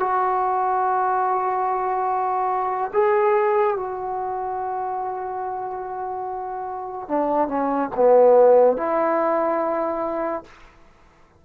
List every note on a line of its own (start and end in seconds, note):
0.00 2.92 F#4
2.94 3.77 G#4
3.77 7.09 F#4
7.09 7.48 D4
7.48 7.90 C#4
7.96 8.77 B3
8.77 10.44 E4